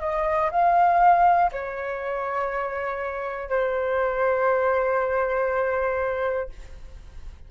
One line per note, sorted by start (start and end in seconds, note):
0.00 0.50 D#5
0.51 1.51 F5
1.52 3.50 C#5
3.50 6.50 C5